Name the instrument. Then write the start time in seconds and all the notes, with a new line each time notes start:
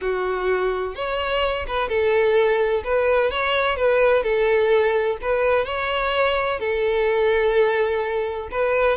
violin
0.01 F#4
0.95 C#5
1.67 B4
1.88 A4
2.83 B4
3.30 C#5
3.76 B4
4.23 A4
5.21 B4
5.65 C#5
6.59 A4
8.51 B4